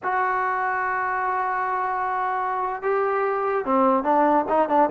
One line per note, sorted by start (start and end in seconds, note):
0.03 2.82 F#4
2.82 3.65 G4
3.65 4.03 C4
4.03 4.45 D4
4.48 4.68 D#4
4.68 4.89 D4